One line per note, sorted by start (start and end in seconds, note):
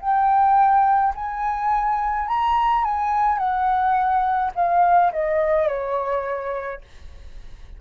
0.00 1.13 G5
1.15 2.27 G#5
2.27 2.84 A#5
2.84 3.38 G#5
3.38 4.51 F#5
4.55 5.11 F5
5.12 5.68 D#5
5.68 6.81 C#5